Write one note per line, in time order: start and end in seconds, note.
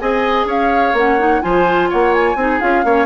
0.00 0.46 C4
0.00 0.95 G#4
0.00 0.47 D#5
0.00 0.47 G#5
0.46 0.93 C#4
0.46 1.42 C#5
0.46 0.97 F5
0.94 1.41 A#3
0.94 1.19 C#4
0.94 1.42 F#5
1.19 1.42 D#4
1.42 1.92 F3
1.42 2.36 F4
1.42 1.90 C5
1.42 1.89 G#5
1.90 2.36 A#3
1.90 2.37 C#5
1.90 2.14 F#5
2.14 2.60 G#5
2.36 2.59 C4
2.36 2.61 D#4
2.36 2.86 G#4
2.60 2.85 C#4
2.60 2.85 F4
2.60 3.06 F5
2.85 3.06 A#3
2.85 3.06 C#4
2.85 3.06 C#5